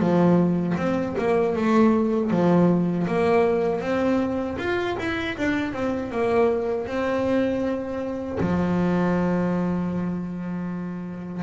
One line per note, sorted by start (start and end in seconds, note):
0.00 0.76 F3
0.78 1.16 C4
1.19 1.56 A#3
1.56 2.31 A3
2.31 3.07 F3
3.07 3.81 A#3
3.81 4.57 C4
4.58 4.96 F4
4.99 5.37 E4
5.38 5.73 D4
5.73 6.11 C4
6.11 6.87 A#3
6.87 8.39 C4
8.41 11.43 F3